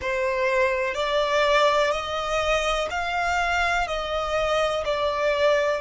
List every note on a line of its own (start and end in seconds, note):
0.01 0.94 C5
0.94 1.91 D5
1.91 2.88 D#5
2.90 3.87 F5
3.87 4.83 D#5
4.84 5.81 D5